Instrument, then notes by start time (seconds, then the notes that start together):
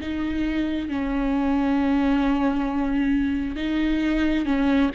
viola
0.00 D#4
0.89 C#4
3.56 D#4
4.46 C#4